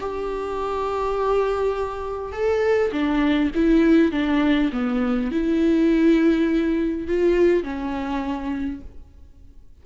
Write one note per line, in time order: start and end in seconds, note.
0.00 2.32 G4
2.32 2.91 A4
2.92 3.51 D4
3.55 4.12 E4
4.12 4.71 D4
4.72 5.31 B3
5.31 7.07 E4
7.07 7.63 F4
7.63 8.80 C#4